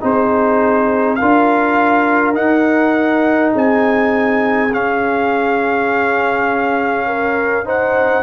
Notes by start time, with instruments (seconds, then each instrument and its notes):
0.00 tuba C4, trombone D#4, horn G#4, trumpet C5
1.15 trombone F4, horn A#4, trumpet F5
1.22 tuba D4
2.34 trombone D#4, tuba D#4, trumpet F#5
3.53 tuba C4, horn G#4, trumpet G#5
4.72 tuba C#4, trombone C#4, trumpet F5
7.06 horn A#4
7.65 trombone D#4, horn C5, trumpet F#5